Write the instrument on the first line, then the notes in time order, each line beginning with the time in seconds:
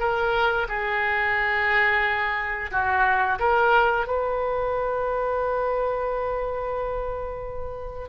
oboe
0.00 A#4
0.69 G#4
2.72 F#4
3.40 A#4
4.07 B4